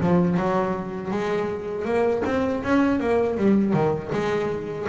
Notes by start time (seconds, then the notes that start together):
0.00 F3
0.37 F#3
1.10 G#3
1.85 A#3
2.25 C4
2.63 C#4
2.99 A#3
3.37 G3
3.73 D#3
4.12 G#3